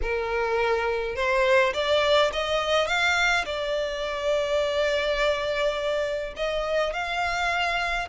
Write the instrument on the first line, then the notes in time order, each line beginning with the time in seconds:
violin
0.02 A#4
1.15 C5
1.73 D5
2.32 D#5
2.87 F5
3.45 D5
6.36 D#5
6.93 F5